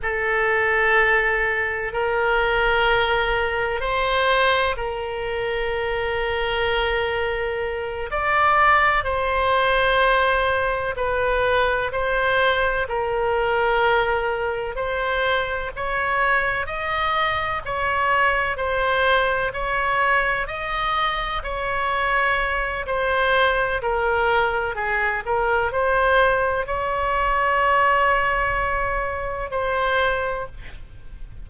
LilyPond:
\new Staff \with { instrumentName = "oboe" } { \time 4/4 \tempo 4 = 63 a'2 ais'2 | c''4 ais'2.~ | ais'8 d''4 c''2 b'8~ | b'8 c''4 ais'2 c''8~ |
c''8 cis''4 dis''4 cis''4 c''8~ | c''8 cis''4 dis''4 cis''4. | c''4 ais'4 gis'8 ais'8 c''4 | cis''2. c''4 | }